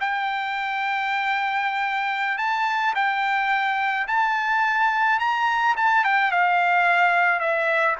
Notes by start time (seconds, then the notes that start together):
0.00 G5
2.38 A5
2.95 G5
4.08 A5
5.19 A#5
5.76 A5
6.04 G5
6.31 F5
7.40 E5